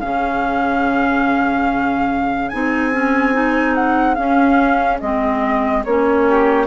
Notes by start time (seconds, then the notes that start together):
0.00 C#3 C#4 G#4 F5
2.48 C4 D#4 G#5
2.92 C#4
3.33 D#4
3.74 F#5
4.14 C#4 F5
5.00 G#3 C4 D#5
5.84 A#3 C#4 C#5
6.28 G4